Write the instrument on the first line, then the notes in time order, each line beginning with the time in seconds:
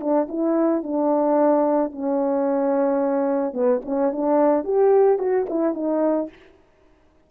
horn
0.00 D4
0.29 E4
0.83 D4
1.92 C#4
3.53 B3
3.85 C#4
4.12 D4
4.64 G4
5.19 F#4
5.49 E4
5.74 D#4